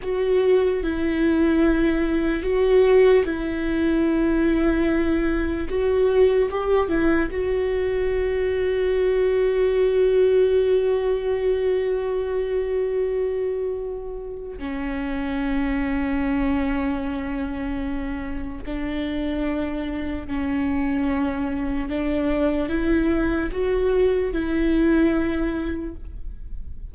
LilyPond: \new Staff \with { instrumentName = "viola" } { \time 4/4 \tempo 4 = 74 fis'4 e'2 fis'4 | e'2. fis'4 | g'8 e'8 fis'2.~ | fis'1~ |
fis'2 cis'2~ | cis'2. d'4~ | d'4 cis'2 d'4 | e'4 fis'4 e'2 | }